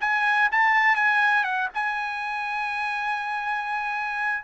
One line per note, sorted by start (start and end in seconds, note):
0.00 0.49 G#5
0.51 0.95 A5
0.95 1.44 G#5
1.44 1.68 F#5
1.74 4.43 G#5